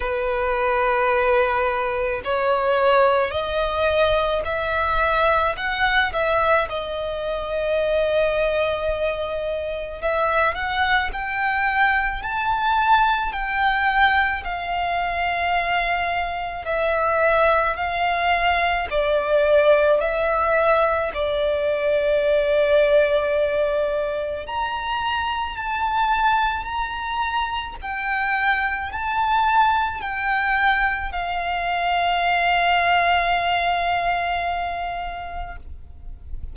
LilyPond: \new Staff \with { instrumentName = "violin" } { \time 4/4 \tempo 4 = 54 b'2 cis''4 dis''4 | e''4 fis''8 e''8 dis''2~ | dis''4 e''8 fis''8 g''4 a''4 | g''4 f''2 e''4 |
f''4 d''4 e''4 d''4~ | d''2 ais''4 a''4 | ais''4 g''4 a''4 g''4 | f''1 | }